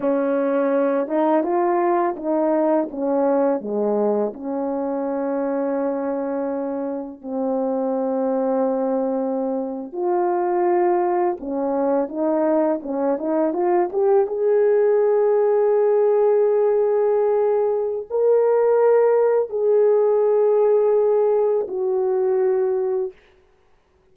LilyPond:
\new Staff \with { instrumentName = "horn" } { \time 4/4 \tempo 4 = 83 cis'4. dis'8 f'4 dis'4 | cis'4 gis4 cis'2~ | cis'2 c'2~ | c'4.~ c'16 f'2 cis'16~ |
cis'8. dis'4 cis'8 dis'8 f'8 g'8 gis'16~ | gis'1~ | gis'4 ais'2 gis'4~ | gis'2 fis'2 | }